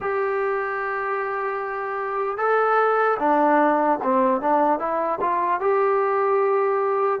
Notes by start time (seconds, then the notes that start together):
0.00 G4
2.37 A4
3.19 D4
4.03 C4
4.41 D4
4.79 E4
5.20 F4
5.60 G4